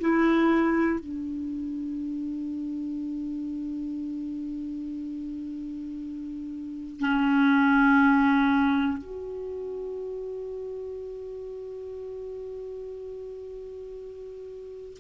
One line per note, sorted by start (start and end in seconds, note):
0.00 1.00 E4
1.00 7.00 D4
7.00 8.98 C#4
8.98 14.98 F#4